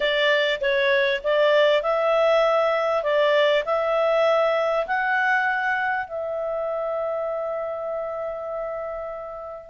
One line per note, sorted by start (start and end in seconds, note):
0.00 0.60 D5
0.60 1.21 C#5
1.23 1.82 D5
1.82 3.03 E5
3.03 3.63 D5
3.65 4.86 E5
4.87 6.06 F#5
6.06 9.70 E5